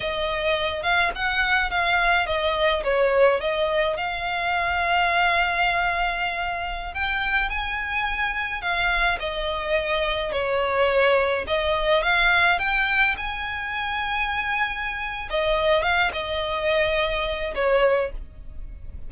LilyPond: \new Staff \with { instrumentName = "violin" } { \time 4/4 \tempo 4 = 106 dis''4. f''8 fis''4 f''4 | dis''4 cis''4 dis''4 f''4~ | f''1~ | f''16 g''4 gis''2 f''8.~ |
f''16 dis''2 cis''4.~ cis''16~ | cis''16 dis''4 f''4 g''4 gis''8.~ | gis''2. dis''4 | f''8 dis''2~ dis''8 cis''4 | }